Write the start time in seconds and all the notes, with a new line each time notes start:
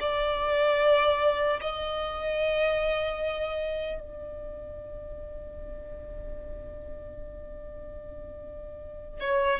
0.00 D5
1.61 D#5
4.00 D5
9.20 C#5